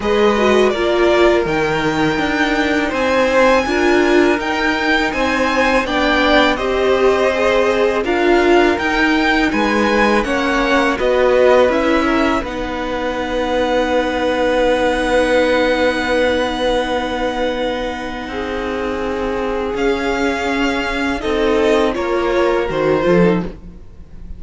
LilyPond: <<
  \new Staff \with { instrumentName = "violin" } { \time 4/4 \tempo 4 = 82 dis''4 d''4 g''2 | gis''2 g''4 gis''4 | g''4 dis''2 f''4 | g''4 gis''4 fis''4 dis''4 |
e''4 fis''2.~ | fis''1~ | fis''2. f''4~ | f''4 dis''4 cis''4 c''4 | }
  \new Staff \with { instrumentName = "violin" } { \time 4/4 b'4 ais'2. | c''4 ais'2 c''4 | d''4 c''2 ais'4~ | ais'4 b'4 cis''4 b'4~ |
b'8 ais'8 b'2.~ | b'1~ | b'4 gis'2.~ | gis'4 a'4 ais'4. a'8 | }
  \new Staff \with { instrumentName = "viola" } { \time 4/4 gis'8 fis'8 f'4 dis'2~ | dis'4 f'4 dis'2 | d'4 g'4 gis'4 f'4 | dis'2 cis'4 fis'4 |
e'4 dis'2.~ | dis'1~ | dis'2. cis'4~ | cis'4 dis'4 f'4 fis'8 f'16 dis'16 | }
  \new Staff \with { instrumentName = "cello" } { \time 4/4 gis4 ais4 dis4 d'4 | c'4 d'4 dis'4 c'4 | b4 c'2 d'4 | dis'4 gis4 ais4 b4 |
cis'4 b2.~ | b1~ | b4 c'2 cis'4~ | cis'4 c'4 ais4 dis8 f8 | }
>>